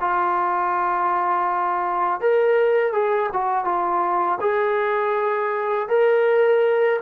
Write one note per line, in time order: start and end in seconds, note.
0.00 2.20 F4
2.20 2.92 A#4
2.92 3.29 G#4
3.32 3.64 F#4
3.64 4.38 F4
4.40 5.89 G#4
5.89 7.00 A#4